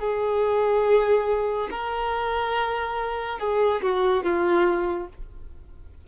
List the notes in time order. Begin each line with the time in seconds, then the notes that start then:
0.00 G#4
1.71 A#4
3.40 G#4
3.82 F#4
4.23 F4